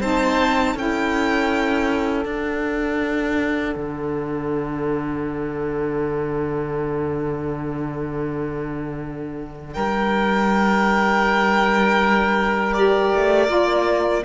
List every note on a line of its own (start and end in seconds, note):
0.00 0.75 C4
0.00 0.77 D#4
0.00 0.75 C5
0.00 0.76 A5
0.75 2.25 C#4
0.75 2.24 E4
0.75 9.75 A4
0.75 2.26 G5
2.24 12.74 D4
2.24 3.75 D4
2.24 9.73 F#5
3.75 9.75 D3
9.73 13.13 G3
9.73 14.24 A#4
9.73 12.73 G5
12.73 13.47 G4
12.73 14.23 D5
13.14 13.48 A3
13.47 14.23 A#3
13.47 14.22 F4